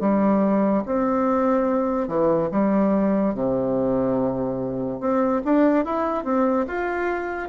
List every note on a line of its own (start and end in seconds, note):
0.00 0.83 G3
0.85 2.08 C4
2.08 2.49 E3
2.51 3.34 G3
3.34 5.00 C3
5.00 5.42 C4
5.44 5.85 D4
5.85 6.24 E4
6.24 6.66 C4
6.67 7.49 F4